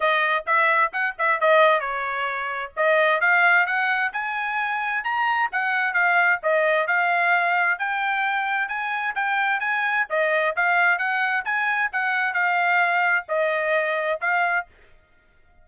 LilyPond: \new Staff \with { instrumentName = "trumpet" } { \time 4/4 \tempo 4 = 131 dis''4 e''4 fis''8 e''8 dis''4 | cis''2 dis''4 f''4 | fis''4 gis''2 ais''4 | fis''4 f''4 dis''4 f''4~ |
f''4 g''2 gis''4 | g''4 gis''4 dis''4 f''4 | fis''4 gis''4 fis''4 f''4~ | f''4 dis''2 f''4 | }